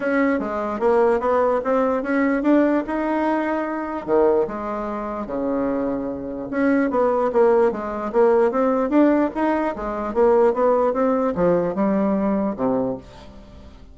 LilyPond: \new Staff \with { instrumentName = "bassoon" } { \time 4/4 \tempo 4 = 148 cis'4 gis4 ais4 b4 | c'4 cis'4 d'4 dis'4~ | dis'2 dis4 gis4~ | gis4 cis2. |
cis'4 b4 ais4 gis4 | ais4 c'4 d'4 dis'4 | gis4 ais4 b4 c'4 | f4 g2 c4 | }